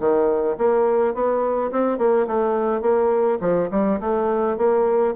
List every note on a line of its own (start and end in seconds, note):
0.00 0.57 D#3
0.58 1.14 A#3
1.14 1.71 B3
1.72 1.98 C4
1.98 2.27 A#3
2.27 2.82 A3
2.82 3.39 A#3
3.41 3.69 F3
3.71 4.00 G3
4.01 4.58 A3
4.58 5.15 A#3